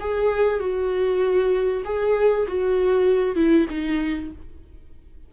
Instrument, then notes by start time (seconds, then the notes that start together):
viola
0.00 G#4
0.60 F#4
1.85 G#4
2.48 F#4
3.36 E4
3.69 D#4